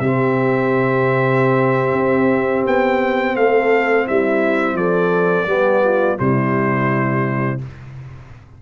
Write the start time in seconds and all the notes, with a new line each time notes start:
0.00 C3 C4 G4 E5
1.92 C4
2.66 B3 G5
3.36 A3 A4 F5
4.06 G3 E4 E5
4.74 F3 A4 D5
5.46 G3 B3 G4
5.84 F4
6.17 C3 G3 E4 C5